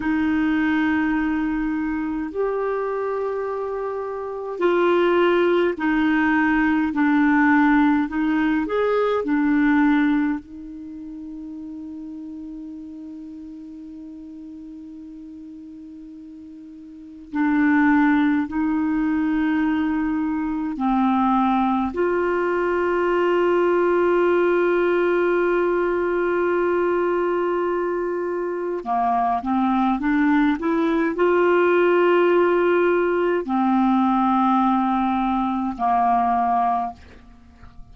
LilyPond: \new Staff \with { instrumentName = "clarinet" } { \time 4/4 \tempo 4 = 52 dis'2 g'2 | f'4 dis'4 d'4 dis'8 gis'8 | d'4 dis'2.~ | dis'2. d'4 |
dis'2 c'4 f'4~ | f'1~ | f'4 ais8 c'8 d'8 e'8 f'4~ | f'4 c'2 ais4 | }